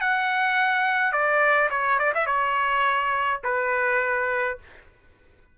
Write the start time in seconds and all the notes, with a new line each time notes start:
0.00 F#5
1.12 D5
1.70 C#5
1.98 D5
2.14 E5
2.26 C#5
3.44 B4